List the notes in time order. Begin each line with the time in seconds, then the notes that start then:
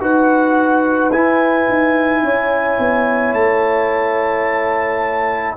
0.00 D#4 F#4 B4 F#5
1.12 E4 G#5
1.69 D#4
2.22 C#4 C#5
2.78 B3
3.33 A3 A5